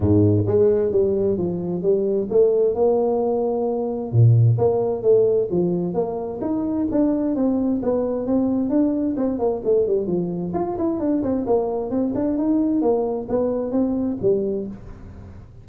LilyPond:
\new Staff \with { instrumentName = "tuba" } { \time 4/4 \tempo 4 = 131 gis,4 gis4 g4 f4 | g4 a4 ais2~ | ais4 ais,4 ais4 a4 | f4 ais4 dis'4 d'4 |
c'4 b4 c'4 d'4 | c'8 ais8 a8 g8 f4 f'8 e'8 | d'8 c'8 ais4 c'8 d'8 dis'4 | ais4 b4 c'4 g4 | }